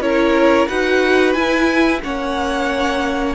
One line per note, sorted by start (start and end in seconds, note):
0.00 0.67 C#4
0.00 0.68 E4
0.00 0.68 A#4
0.00 0.68 C#5
0.68 1.35 D#4
0.68 1.36 F#4
0.68 2.01 B4
0.68 1.33 F#5
1.33 2.02 E4
1.33 1.99 G#5
2.03 3.34 A#3
2.03 3.34 C#4
2.03 3.34 C#5
2.03 3.34 F#5